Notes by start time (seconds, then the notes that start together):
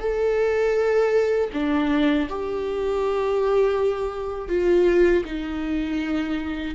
0.00 A4
1.53 D4
2.29 G4
4.49 F4
5.25 D#4